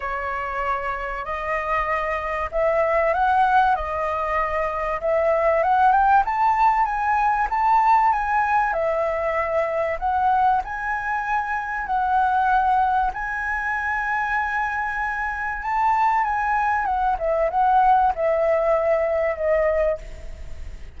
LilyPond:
\new Staff \with { instrumentName = "flute" } { \time 4/4 \tempo 4 = 96 cis''2 dis''2 | e''4 fis''4 dis''2 | e''4 fis''8 g''8 a''4 gis''4 | a''4 gis''4 e''2 |
fis''4 gis''2 fis''4~ | fis''4 gis''2.~ | gis''4 a''4 gis''4 fis''8 e''8 | fis''4 e''2 dis''4 | }